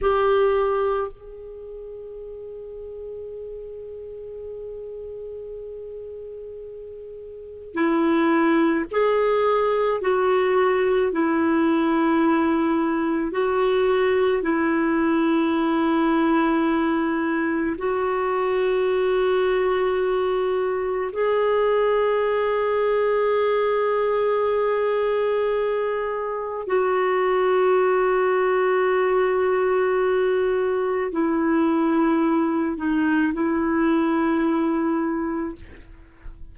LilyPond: \new Staff \with { instrumentName = "clarinet" } { \time 4/4 \tempo 4 = 54 g'4 gis'2.~ | gis'2. e'4 | gis'4 fis'4 e'2 | fis'4 e'2. |
fis'2. gis'4~ | gis'1 | fis'1 | e'4. dis'8 e'2 | }